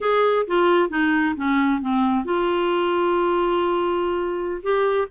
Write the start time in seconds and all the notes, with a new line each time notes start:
0.00 G#4
0.47 F4
0.89 D#4
1.36 C#4
1.81 C4
2.25 F4
4.62 G4